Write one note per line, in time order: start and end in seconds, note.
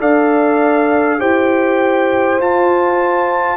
0.00 1.21 D4
0.00 1.19 A4
0.00 1.20 D5
0.00 1.21 F5
1.19 2.40 E4
1.19 2.39 G4
1.19 3.58 C5
1.19 2.41 G5
2.40 3.58 F4
2.40 3.58 A5